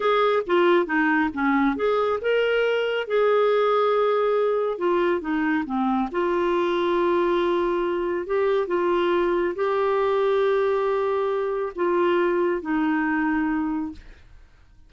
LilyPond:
\new Staff \with { instrumentName = "clarinet" } { \time 4/4 \tempo 4 = 138 gis'4 f'4 dis'4 cis'4 | gis'4 ais'2 gis'4~ | gis'2. f'4 | dis'4 c'4 f'2~ |
f'2. g'4 | f'2 g'2~ | g'2. f'4~ | f'4 dis'2. | }